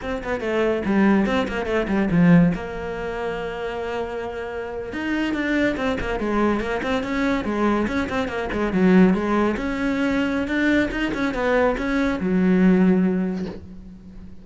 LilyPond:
\new Staff \with { instrumentName = "cello" } { \time 4/4 \tempo 4 = 143 c'8 b8 a4 g4 c'8 ais8 | a8 g8 f4 ais2~ | ais2.~ ais8. dis'16~ | dis'8. d'4 c'8 ais8 gis4 ais16~ |
ais16 c'8 cis'4 gis4 cis'8 c'8 ais16~ | ais16 gis8 fis4 gis4 cis'4~ cis'16~ | cis'4 d'4 dis'8 cis'8 b4 | cis'4 fis2. | }